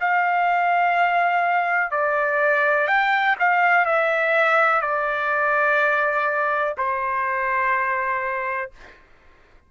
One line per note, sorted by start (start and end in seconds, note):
0.00 1.91 F5
1.91 2.87 D5
2.87 3.36 G5
3.39 3.85 F5
3.85 4.81 E5
4.81 6.75 D5
6.77 8.71 C5